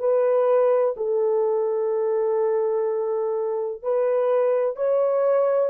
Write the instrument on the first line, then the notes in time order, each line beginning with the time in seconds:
horn
0.00 B4
0.97 A4
3.83 B4
4.77 C#5